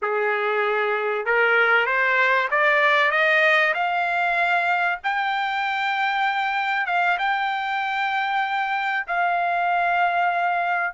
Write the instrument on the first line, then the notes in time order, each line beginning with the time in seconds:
trumpet
0.02 G#4
1.25 A#4
1.86 C5
2.50 D5
3.11 D#5
3.73 F5
5.03 G5
6.86 F5
7.18 G5
9.07 F5